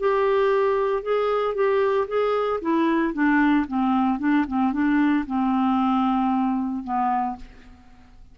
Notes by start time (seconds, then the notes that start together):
0.00 G4
1.03 G#4
1.55 G4
2.08 G#4
2.62 E4
3.14 D4
3.68 C4
4.20 D4
4.48 C4
4.73 D4
5.27 C4
6.84 B3